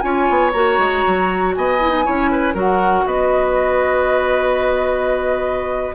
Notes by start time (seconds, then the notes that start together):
0.00 C#4 F4 C#5 G#5
0.30 B3
0.53 A#3 F#4 A#5
0.78 G#3
1.07 F#3
1.55 B3 D#5 G#5
1.80 E4
1.90 D#4
2.04 C#4 E4 C#5
2.31 B4
2.54 F#3 F#4 A#4 F#5
3.06 B3 B4 D#5